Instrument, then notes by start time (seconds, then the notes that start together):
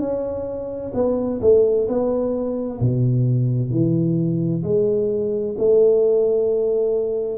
tuba
0.00 C#4
0.94 B3
1.41 A3
1.88 B3
2.81 B2
3.70 E3
4.63 G#3
5.58 A3